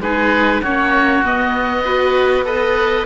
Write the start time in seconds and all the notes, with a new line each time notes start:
0.00 G#3 D#4 G#4 B4
0.62 A#3 C#4 F#4 C#5
1.23 B3 D#5
1.83 F#4 B4
2.45 A4 B4 D#5